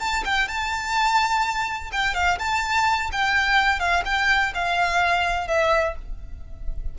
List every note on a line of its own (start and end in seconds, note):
0.00 0.24 A5
0.25 0.48 G5
0.48 1.91 A5
1.92 2.15 G5
2.15 2.39 F5
2.39 3.11 A5
3.13 3.80 G5
3.80 4.04 F5
4.06 4.53 G5
4.55 5.48 F5
5.48 5.96 E5